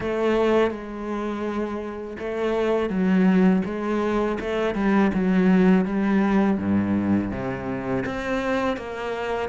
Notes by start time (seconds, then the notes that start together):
0.00 A3
0.71 G#3
2.19 A3
2.89 F#3
3.65 G#3
4.40 A3
4.74 G3
5.14 F#3
5.85 G3
6.58 G2
7.31 C3
8.05 C4
8.76 A#3